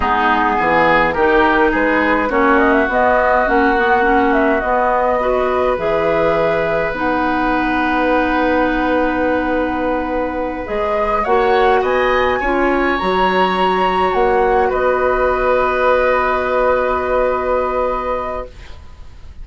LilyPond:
<<
  \new Staff \with { instrumentName = "flute" } { \time 4/4 \tempo 4 = 104 gis'2 ais'4 b'4 | cis''8 dis''16 e''16 dis''4 fis''4. e''8 | dis''2 e''2 | fis''1~ |
fis''2~ fis''8 dis''4 fis''8~ | fis''8 gis''2 ais''4.~ | ais''8 fis''4 dis''2~ dis''8~ | dis''1 | }
  \new Staff \with { instrumentName = "oboe" } { \time 4/4 dis'4 gis'4 g'4 gis'4 | fis'1~ | fis'4 b'2.~ | b'1~ |
b'2.~ b'8 cis''8~ | cis''8 dis''4 cis''2~ cis''8~ | cis''4. b'2~ b'8~ | b'1 | }
  \new Staff \with { instrumentName = "clarinet" } { \time 4/4 b2 dis'2 | cis'4 b4 cis'8 b8 cis'4 | b4 fis'4 gis'2 | dis'1~ |
dis'2~ dis'8 gis'4 fis'8~ | fis'4. f'4 fis'4.~ | fis'1~ | fis'1 | }
  \new Staff \with { instrumentName = "bassoon" } { \time 4/4 gis4 e4 dis4 gis4 | ais4 b4 ais2 | b2 e2 | b1~ |
b2~ b8 gis4 ais8~ | ais8 b4 cis'4 fis4.~ | fis8 ais4 b2~ b8~ | b1 | }
>>